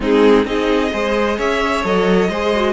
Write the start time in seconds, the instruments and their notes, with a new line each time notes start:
0.00 cello G#3, viola C4, violin D#4 G#4
0.45 cello C4, viola D#4, violin G#4 D#5
0.92 cello G#3, viola G#4, violin C5
1.37 cello C#4, violin C#5 E5
1.83 cello F#3, viola A4, violin D#5
2.29 cello G#3, viola G#4, violin C5
2.55 viola F#4